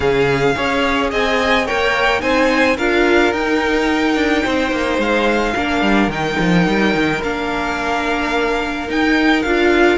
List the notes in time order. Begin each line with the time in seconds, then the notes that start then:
0.00 C#3 C#4 G#4 F5
0.55 C#4 G#4 C#5
1.10 C4 D#5 G#5
1.66 A#3 A#4 C#5 G5
2.19 C4 D#4 C5 G#5
2.76 D4 F4 A#4 F5
3.32 D#4 G5
4.15 D4
4.43 C4 C5
4.71 A#3
4.98 G#3 F5
5.55 A#3 D4 A#4
5.81 G3
6.07 D#3 D#4 G5
6.39 F3
6.67 G3
6.95 D#3
7.23 A#3 D4 F5
8.87 D#4 G5
9.42 D4 F4 F5